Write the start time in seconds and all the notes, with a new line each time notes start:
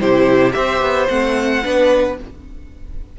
0.00 C3 E4 G4 C5
0.52 C4 G4 C5 E5
0.81 B3
1.08 A3 C4 F#5
1.64 B3 D4 B4